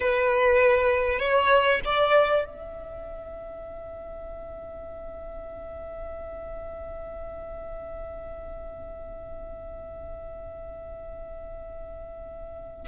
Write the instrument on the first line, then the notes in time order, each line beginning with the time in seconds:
violin
0.00 B4
1.19 C#5
1.85 D5
2.45 E5